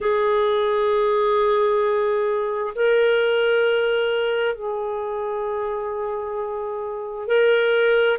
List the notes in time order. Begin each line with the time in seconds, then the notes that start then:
0.00 G#4
2.75 A#4
4.55 G#4
7.27 A#4